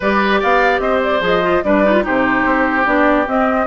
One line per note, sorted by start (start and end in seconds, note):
0.00 0.42 G3
0.00 1.21 G4
0.00 0.40 B4
0.00 0.41 D5
0.40 0.79 B3
0.40 0.80 D5
0.40 0.80 F5
0.79 1.20 C4
0.79 1.64 C5
0.79 1.00 D#5
1.03 1.23 D5
1.21 1.62 F3
1.21 1.41 G#4
1.21 1.63 D#5
1.42 1.62 F4
1.63 2.04 G3
1.63 1.83 D4
1.63 2.05 B4
1.63 2.04 D5
1.83 1.92 D#4
1.92 2.02 F4
2.02 2.44 C3
2.02 2.84 D#4
2.02 3.66 G4
2.02 2.86 C5
2.44 2.85 C4
2.85 3.26 B3
2.85 3.26 D4
2.85 3.26 D5
3.26 3.66 C4
3.26 3.66 D#5